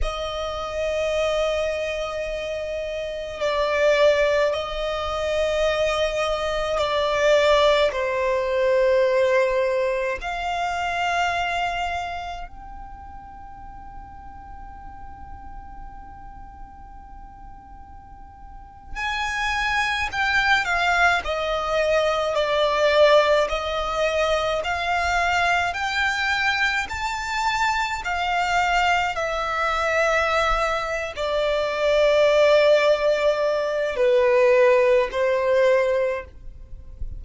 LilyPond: \new Staff \with { instrumentName = "violin" } { \time 4/4 \tempo 4 = 53 dis''2. d''4 | dis''2 d''4 c''4~ | c''4 f''2 g''4~ | g''1~ |
g''8. gis''4 g''8 f''8 dis''4 d''16~ | d''8. dis''4 f''4 g''4 a''16~ | a''8. f''4 e''4.~ e''16 d''8~ | d''2 b'4 c''4 | }